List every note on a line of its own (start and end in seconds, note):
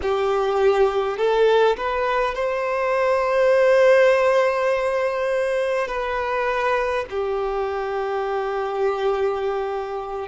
0.02 1.17 G4
1.17 1.76 A4
1.76 2.35 B4
2.35 5.87 C5
5.87 7.05 B4
7.10 10.28 G4